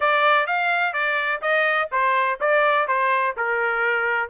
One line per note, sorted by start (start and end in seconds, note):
0.00 0.47 D5
0.47 0.93 F5
0.93 1.40 D5
1.41 1.89 D#5
1.91 2.39 C5
2.40 2.87 D5
2.87 3.35 C5
3.36 4.29 A#4